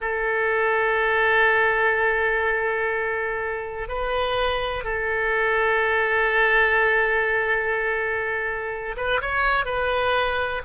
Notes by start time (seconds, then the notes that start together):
0.01 A4
3.88 B4
4.84 A4
8.96 B4
9.21 C#5
9.65 B4